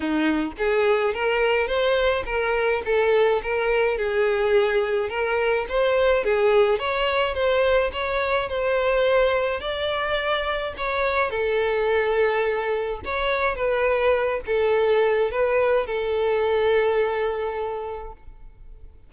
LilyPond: \new Staff \with { instrumentName = "violin" } { \time 4/4 \tempo 4 = 106 dis'4 gis'4 ais'4 c''4 | ais'4 a'4 ais'4 gis'4~ | gis'4 ais'4 c''4 gis'4 | cis''4 c''4 cis''4 c''4~ |
c''4 d''2 cis''4 | a'2. cis''4 | b'4. a'4. b'4 | a'1 | }